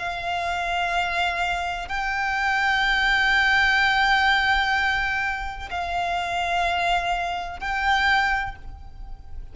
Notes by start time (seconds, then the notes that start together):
0.00 F5
1.89 G5
5.71 F5
7.61 G5